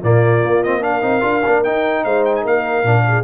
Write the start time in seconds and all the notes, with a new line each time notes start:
0.00 A#2 A#3 F4 D5
0.42 A#3
0.63 C4 D#5
0.81 D4 A#4 F5
1.01 C4 D#4
1.21 D4 F4
1.45 A#3 D4
1.64 D#4 G5
2.04 G#3 C5 F5
2.25 G5
2.35 G#5
2.42 A#3 A#4 F5
2.83 A#2 D4
3.08 G#4